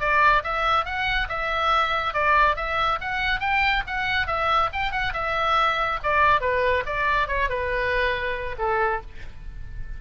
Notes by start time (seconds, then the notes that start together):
0.00 D5
0.44 E5
0.85 F#5
1.29 E5
2.14 D5
2.56 E5
3.01 F#5
3.40 G5
3.87 F#5
4.27 E5
4.73 G5
4.92 F#5
5.14 E5
6.03 D5
6.41 B4
6.86 D5
7.28 C#5
7.49 B4
8.58 A4